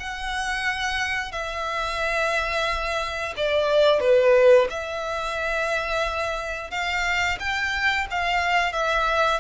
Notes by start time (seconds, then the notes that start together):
0.00 F#5
1.32 E5
3.36 D5
4.01 B4
4.70 E5
6.71 F5
7.39 G5
8.11 F5
8.73 E5